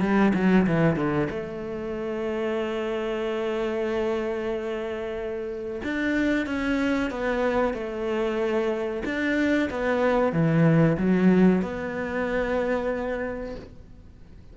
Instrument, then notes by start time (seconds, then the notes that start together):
cello
0.00 G3
0.34 F#3
0.66 E3
0.96 D3
1.30 A3
5.83 D4
6.46 C#4
7.11 B3
7.74 A3
9.05 D4
9.70 B3
10.32 E3
10.97 F#3
11.62 B3